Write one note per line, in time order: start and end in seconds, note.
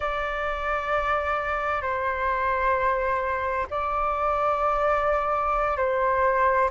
0.00 1.82 D5
1.82 3.66 C5
3.70 5.77 D5
5.77 6.69 C5